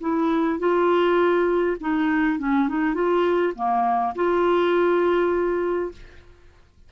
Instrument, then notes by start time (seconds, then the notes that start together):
clarinet
0.00 E4
0.59 F4
1.80 D#4
2.39 C#4
2.68 D#4
2.94 F4
3.55 A#3
4.15 F4